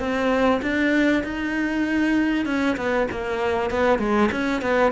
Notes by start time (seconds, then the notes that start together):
0.00 C4
0.62 D4
1.24 D#4
2.46 C#4
2.77 B3
3.11 A#3
3.71 B3
3.99 G#3
4.32 C#4
4.62 B3